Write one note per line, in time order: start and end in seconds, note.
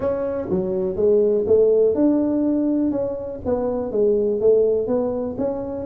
0.00 0.48 C#4
0.50 0.96 F#3
0.96 1.44 G#3
1.46 1.94 A3
1.94 2.91 D4
2.91 3.39 C#4
3.45 3.91 B3
3.91 4.40 G#3
4.40 4.87 A3
4.87 5.36 B3
5.38 5.85 C#4